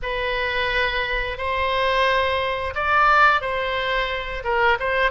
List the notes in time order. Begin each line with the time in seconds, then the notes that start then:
0.02 B4
1.37 C5
2.74 D5
3.41 C5
4.43 A#4
4.79 C5